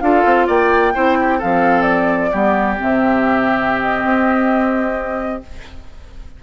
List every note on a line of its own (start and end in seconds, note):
0.00 0.24 D4
0.00 0.93 F4
0.00 0.47 A4
0.00 0.46 F5
0.25 0.48 C4
0.47 0.94 A#3
0.47 0.93 D5
0.47 1.41 G5
0.93 1.42 C4
0.93 1.39 E4
0.93 1.17 C5
1.20 1.37 G4
1.37 2.33 F3
1.37 2.31 C4
1.37 2.30 A4
1.37 1.81 F5
1.81 2.74 D5
2.31 2.79 G3
2.31 2.76 B3
2.31 5.43 G4
2.76 4.04 C3
2.76 5.41 C4
2.76 3.81 E5
3.81 5.42 D#5
4.04 5.42 C4